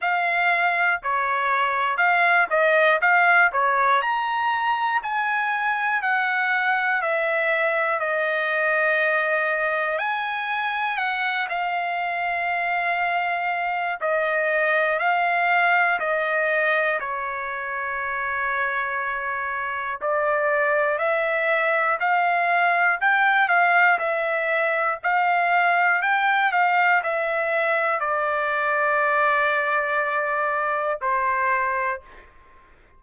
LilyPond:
\new Staff \with { instrumentName = "trumpet" } { \time 4/4 \tempo 4 = 60 f''4 cis''4 f''8 dis''8 f''8 cis''8 | ais''4 gis''4 fis''4 e''4 | dis''2 gis''4 fis''8 f''8~ | f''2 dis''4 f''4 |
dis''4 cis''2. | d''4 e''4 f''4 g''8 f''8 | e''4 f''4 g''8 f''8 e''4 | d''2. c''4 | }